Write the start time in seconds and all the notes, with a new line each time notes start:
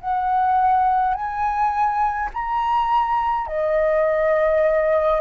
0.00 F#5
1.14 G#5
2.33 A#5
3.47 D#5